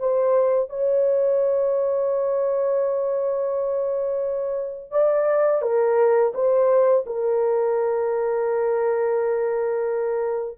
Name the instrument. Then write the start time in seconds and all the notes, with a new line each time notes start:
horn
0.00 C5
0.70 C#5
4.92 D5
5.62 A#4
6.35 C5
7.07 A#4